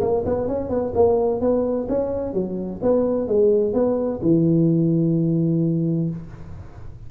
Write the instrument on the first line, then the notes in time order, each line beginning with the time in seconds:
tuba
0.00 A#3
0.25 B3
0.47 C#4
0.69 B3
0.94 A#3
1.40 B3
1.88 C#4
2.33 F#3
2.82 B3
3.27 G#3
3.73 B3
4.22 E3